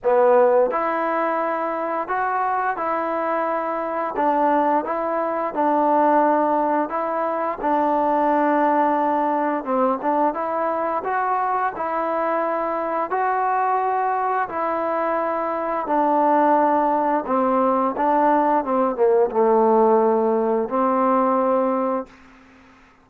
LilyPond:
\new Staff \with { instrumentName = "trombone" } { \time 4/4 \tempo 4 = 87 b4 e'2 fis'4 | e'2 d'4 e'4 | d'2 e'4 d'4~ | d'2 c'8 d'8 e'4 |
fis'4 e'2 fis'4~ | fis'4 e'2 d'4~ | d'4 c'4 d'4 c'8 ais8 | a2 c'2 | }